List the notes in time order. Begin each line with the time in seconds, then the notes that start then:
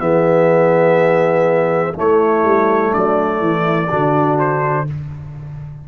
0.00 E3 B3 G#4 E5
1.94 A3 E4 C#5
2.44 G3
2.92 F#3 D4 D5
3.40 E3 E4
3.89 D3 D4 F#4
4.40 C5